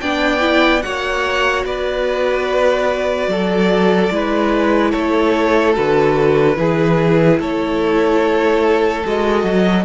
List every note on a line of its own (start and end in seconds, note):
0.00 0.83 B3
0.00 0.40 D4
0.00 0.83 D5
0.00 0.82 G5
0.40 0.81 E4
0.82 1.64 A#3
0.82 4.11 F#4
0.82 1.66 C#5
0.82 1.64 F#5
1.64 3.27 B3
1.64 3.30 B4
1.64 4.91 D5
3.27 4.09 F#3
3.27 4.13 A4
4.11 4.93 G#3
4.11 5.74 E4
4.11 4.91 B4
4.91 5.77 A3
4.91 6.55 A4
4.91 5.73 C#5
5.74 6.57 D3
5.74 6.55 F#4
5.74 7.40 B4
6.55 7.39 E3
6.55 9.02 E4
6.55 7.39 G#4
7.39 9.04 A3
7.39 9.85 A4
7.39 9.06 C#5
9.05 9.43 G#3
9.05 9.85 F#4
9.05 9.85 D#5
9.43 9.85 F#3